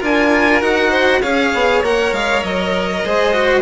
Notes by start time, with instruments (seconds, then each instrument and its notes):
0.00 bassoon D4, cello F4, violin A#4 G#5
0.61 bassoon D#4, cello F#4, violin F#5
0.90 violin C5
1.21 bassoon C#4, cello G#4, violin C#5 F5
1.54 bassoon B3
1.82 bassoon A#3, cello A#4, violin F#5
2.12 bassoon G#3, violin F5
2.43 bassoon F#3, violin D#5
3.05 bassoon G#3, cello G#4, violin C5
3.33 cello F#4